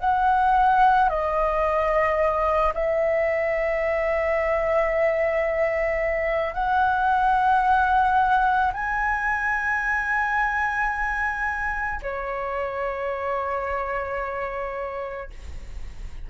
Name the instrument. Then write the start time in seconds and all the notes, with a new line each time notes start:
flute
0.00 F#5
1.09 D#5
2.74 E5
6.54 F#5
8.73 G#5
12.02 C#5